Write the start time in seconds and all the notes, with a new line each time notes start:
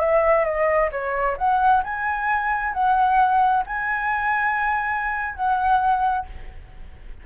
0.00 E5
0.45 D#5
0.92 C#5
1.38 F#5
1.84 G#5
2.74 F#5
3.67 G#5
5.35 F#5